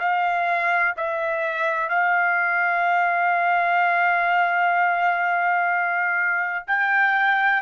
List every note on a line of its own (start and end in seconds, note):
0.00 0.95 F5
0.97 1.90 E5
1.90 6.66 F5
6.68 7.63 G5